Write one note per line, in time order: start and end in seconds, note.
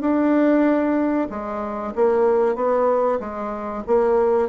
0.00 1.28 D4
1.29 1.93 G#3
1.95 2.55 A#3
2.55 3.19 B3
3.19 3.83 G#3
3.86 4.48 A#3